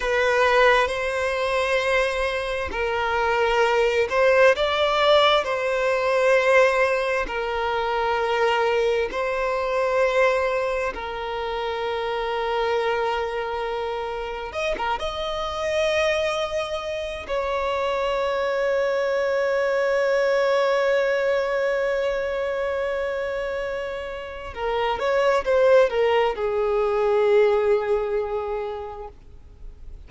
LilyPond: \new Staff \with { instrumentName = "violin" } { \time 4/4 \tempo 4 = 66 b'4 c''2 ais'4~ | ais'8 c''8 d''4 c''2 | ais'2 c''2 | ais'1 |
dis''16 ais'16 dis''2~ dis''8 cis''4~ | cis''1~ | cis''2. ais'8 cis''8 | c''8 ais'8 gis'2. | }